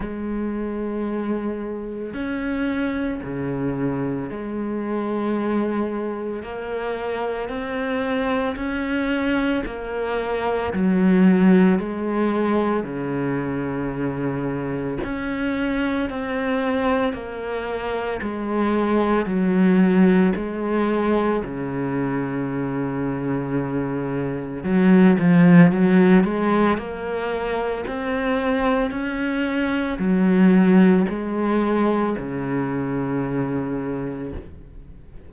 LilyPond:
\new Staff \with { instrumentName = "cello" } { \time 4/4 \tempo 4 = 56 gis2 cis'4 cis4 | gis2 ais4 c'4 | cis'4 ais4 fis4 gis4 | cis2 cis'4 c'4 |
ais4 gis4 fis4 gis4 | cis2. fis8 f8 | fis8 gis8 ais4 c'4 cis'4 | fis4 gis4 cis2 | }